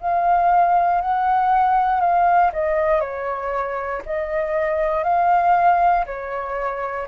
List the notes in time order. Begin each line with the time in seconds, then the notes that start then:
0.00 F5
1.01 F#5
2.00 F5
2.52 D#5
3.00 C#5
4.05 D#5
5.03 F5
6.06 C#5